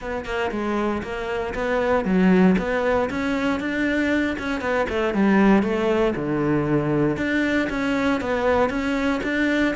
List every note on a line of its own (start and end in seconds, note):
0.01 0.25 B3
0.25 0.50 A#3
0.51 1.02 G#3
1.02 1.54 A#3
1.54 2.04 B3
2.04 2.55 F#3
2.58 3.09 B3
3.10 3.60 C#4
3.60 4.37 D4
4.38 4.60 C#4
4.60 4.86 B3
4.89 5.14 A3
5.14 5.62 G3
5.62 6.14 A3
6.15 7.17 D3
7.17 7.68 D4
7.69 8.20 C#4
8.20 8.69 B3
8.69 9.20 C#4
9.23 9.74 D4